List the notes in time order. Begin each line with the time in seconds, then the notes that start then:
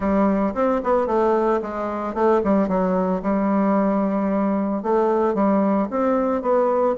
0.00 G3
0.54 C4
0.83 B3
1.06 A3
1.62 G#3
2.14 A3
2.44 G3
2.68 F#3
3.22 G3
4.82 A3
5.34 G3
5.90 C4
6.42 B3